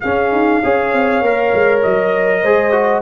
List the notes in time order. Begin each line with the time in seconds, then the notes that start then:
0.00 C#4 G#4 F5
0.32 D#4
0.63 C#4 G#4 C#5
0.93 C4
1.21 A#3 A#4
1.53 G#3
1.82 F#3 D#5
2.42 G#3 G#4 C5
2.71 F#4